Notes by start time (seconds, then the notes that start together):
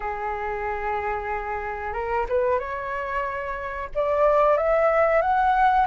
0.00 G#4
1.93 A#4
2.29 B4
2.59 C#5
3.95 D5
4.57 E5
5.21 F#5